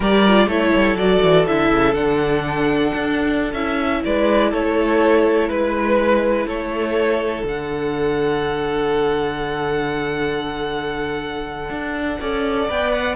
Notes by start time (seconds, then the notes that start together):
0.00 G3 G4 A#4 D5
0.28 F4
0.47 A3 E4 A4 C#5
0.76 G3
0.95 F#3 F#4 D5
1.22 E3
1.47 D3 E4 E5
1.71 C#3
1.94 D3 D4 F#5
2.94 D4
3.53 C#4 E4 E5
4.04 G#3 B4 D5
4.51 A3 A4 C#5
5.48 G#3 B4
6.45 A3 A4 C#5
7.43 D3 D4 F#5
11.69 D4
12.19 C#4 A4 D5
12.68 B3 B4 G5
12.91 F#5